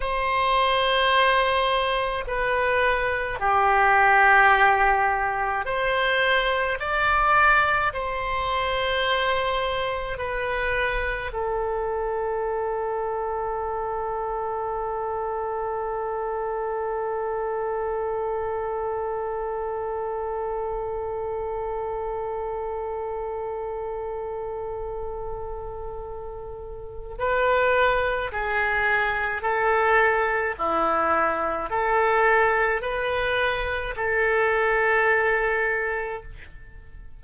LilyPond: \new Staff \with { instrumentName = "oboe" } { \time 4/4 \tempo 4 = 53 c''2 b'4 g'4~ | g'4 c''4 d''4 c''4~ | c''4 b'4 a'2~ | a'1~ |
a'1~ | a'1 | b'4 gis'4 a'4 e'4 | a'4 b'4 a'2 | }